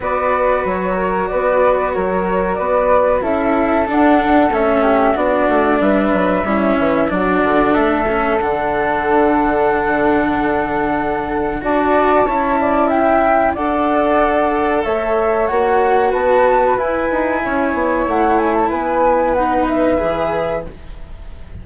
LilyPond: <<
  \new Staff \with { instrumentName = "flute" } { \time 4/4 \tempo 4 = 93 d''4 cis''4 d''4 cis''4 | d''4 e''4 fis''4 e''4 | d''4 e''2 d''4 | e''4 fis''2.~ |
fis''2 a''2 | g''4 fis''2 e''4 | fis''4 a''4 gis''2 | fis''8 gis''16 a''16 gis''4 fis''8 e''4. | }
  \new Staff \with { instrumentName = "flute" } { \time 4/4 b'4. ais'8 b'4 ais'4 | b'4 a'2~ a'8 g'8 | fis'4 b'4 e'4 fis'4 | a'1~ |
a'2 d''4 cis''8 d''8 | e''4 d''2 cis''4~ | cis''4 b'2 cis''4~ | cis''4 b'2. | }
  \new Staff \with { instrumentName = "cello" } { \time 4/4 fis'1~ | fis'4 e'4 d'4 cis'4 | d'2 cis'4 d'4~ | d'8 cis'8 d'2.~ |
d'2 fis'4 e'4~ | e'4 a'2. | fis'2 e'2~ | e'2 dis'4 gis'4 | }
  \new Staff \with { instrumentName = "bassoon" } { \time 4/4 b4 fis4 b4 fis4 | b4 cis'4 d'4 a4 | b8 a8 g8 fis8 g8 e8 fis8 d8 | a4 d2.~ |
d2 d'4 cis'4~ | cis'4 d'2 a4 | ais4 b4 e'8 dis'8 cis'8 b8 | a4 b2 e4 | }
>>